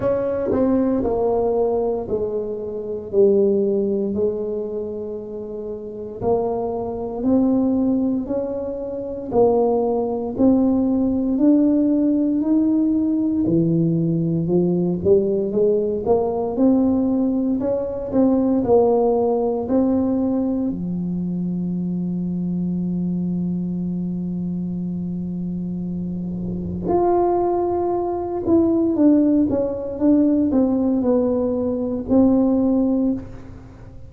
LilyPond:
\new Staff \with { instrumentName = "tuba" } { \time 4/4 \tempo 4 = 58 cis'8 c'8 ais4 gis4 g4 | gis2 ais4 c'4 | cis'4 ais4 c'4 d'4 | dis'4 e4 f8 g8 gis8 ais8 |
c'4 cis'8 c'8 ais4 c'4 | f1~ | f2 f'4. e'8 | d'8 cis'8 d'8 c'8 b4 c'4 | }